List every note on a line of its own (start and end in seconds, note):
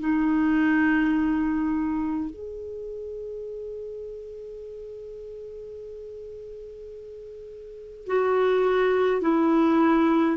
0.00 2.30 D#4
2.30 8.07 G#4
8.07 9.22 F#4
9.22 10.36 E4